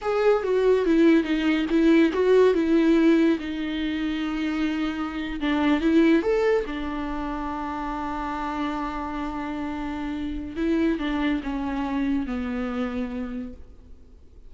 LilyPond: \new Staff \with { instrumentName = "viola" } { \time 4/4 \tempo 4 = 142 gis'4 fis'4 e'4 dis'4 | e'4 fis'4 e'2 | dis'1~ | dis'8. d'4 e'4 a'4 d'16~ |
d'1~ | d'1~ | d'4 e'4 d'4 cis'4~ | cis'4 b2. | }